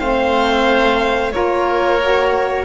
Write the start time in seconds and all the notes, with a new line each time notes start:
0.00 A3 C4 C5 F5
1.32 A#3 F4 A#4 C#5
2.02 F#4